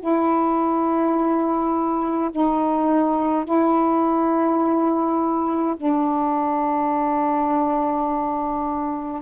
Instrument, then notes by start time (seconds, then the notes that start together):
saxophone
0.00 E4
2.31 D#4
3.45 E4
5.77 D4